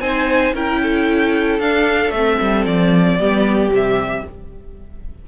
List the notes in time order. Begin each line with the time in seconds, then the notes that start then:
0.00 C4 D#4 C5 G#5
0.54 C#4 E4 A#4 G5
0.83 A4
1.60 D4 F5
2.11 A3 C4 E5
2.42 G3
2.66 F3 D5
3.19 G3 B3 G4
3.69 C3 G3 E5